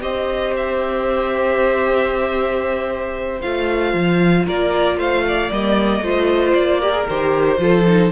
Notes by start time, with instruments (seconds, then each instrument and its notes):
0.00 cello C4, viola G4, violin C5 D#5
0.56 violin E5
3.41 cello A3, viola F4, violin F5
3.93 cello F3
4.45 cello A#3, violin A#4 D5
4.98 cello A3, violin C5 F5
5.28 violin D5
5.50 cello G3, viola A#3, violin D#5
6.00 cello A3, viola F4, violin C5
6.54 cello A#3, violin D5
6.80 viola G4, violin A#4
6.92 viola G#4
7.08 cello D#3, viola G4, violin C5
7.58 cello F3, viola F4, violin A4
7.86 viola D#4